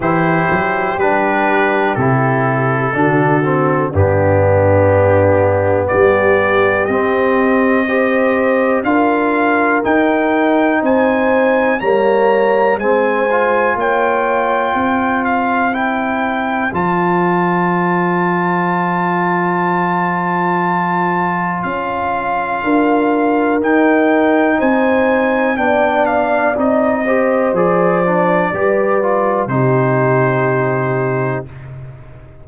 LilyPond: <<
  \new Staff \with { instrumentName = "trumpet" } { \time 4/4 \tempo 4 = 61 c''4 b'4 a'2 | g'2 d''4 dis''4~ | dis''4 f''4 g''4 gis''4 | ais''4 gis''4 g''4. f''8 |
g''4 a''2.~ | a''2 f''2 | g''4 gis''4 g''8 f''8 dis''4 | d''2 c''2 | }
  \new Staff \with { instrumentName = "horn" } { \time 4/4 g'2. fis'4 | d'2 g'2 | c''4 ais'2 c''4 | cis''4 c''4 cis''4 c''4~ |
c''1~ | c''2. ais'4~ | ais'4 c''4 d''4. c''8~ | c''4 b'4 g'2 | }
  \new Staff \with { instrumentName = "trombone" } { \time 4/4 e'4 d'4 e'4 d'8 c'8 | b2. c'4 | g'4 f'4 dis'2 | ais4 c'8 f'2~ f'8 |
e'4 f'2.~ | f'1 | dis'2 d'4 dis'8 g'8 | gis'8 d'8 g'8 f'8 dis'2 | }
  \new Staff \with { instrumentName = "tuba" } { \time 4/4 e8 fis8 g4 c4 d4 | g,2 g4 c'4~ | c'4 d'4 dis'4 c'4 | g4 gis4 ais4 c'4~ |
c'4 f2.~ | f2 cis'4 d'4 | dis'4 c'4 b4 c'4 | f4 g4 c2 | }
>>